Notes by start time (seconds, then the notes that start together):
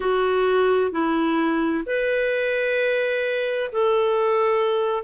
0.00 F#4
0.91 E4
1.86 B4
3.72 A4